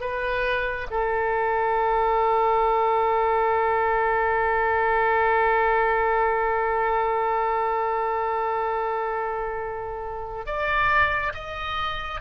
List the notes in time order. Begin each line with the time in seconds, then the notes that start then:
0.00 B4
0.90 A4
10.46 D5
11.34 D#5